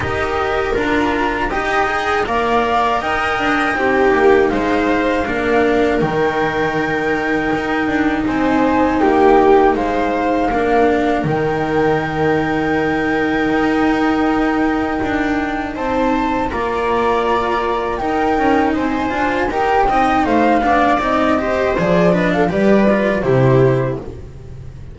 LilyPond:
<<
  \new Staff \with { instrumentName = "flute" } { \time 4/4 \tempo 4 = 80 dis''4 ais''4 g''4 f''4 | g''2 f''2 | g''2. gis''4 | g''4 f''2 g''4~ |
g''1~ | g''4 a''4 ais''2 | g''4 gis''4 g''4 f''4 | dis''4 d''8 dis''16 f''16 d''4 c''4 | }
  \new Staff \with { instrumentName = "viola" } { \time 4/4 ais'2 dis''4 d''4 | dis''4 g'4 c''4 ais'4~ | ais'2. c''4 | g'4 c''4 ais'2~ |
ais'1~ | ais'4 c''4 d''2 | ais'4 c''4 ais'8 dis''8 c''8 d''8~ | d''8 c''4 b'16 a'16 b'4 g'4 | }
  \new Staff \with { instrumentName = "cello" } { \time 4/4 g'4 f'4 g'8 gis'8 ais'4~ | ais'4 dis'2 d'4 | dis'1~ | dis'2 d'4 dis'4~ |
dis'1~ | dis'2 f'2 | dis'4. f'8 g'8 dis'4 d'8 | dis'8 g'8 gis'8 d'8 g'8 f'8 e'4 | }
  \new Staff \with { instrumentName = "double bass" } { \time 4/4 dis'4 d'4 dis'4 ais4 | dis'8 d'8 c'8 ais8 gis4 ais4 | dis2 dis'8 d'8 c'4 | ais4 gis4 ais4 dis4~ |
dis2 dis'2 | d'4 c'4 ais2 | dis'8 cis'8 c'8 d'8 dis'8 c'8 a8 b8 | c'4 f4 g4 c4 | }
>>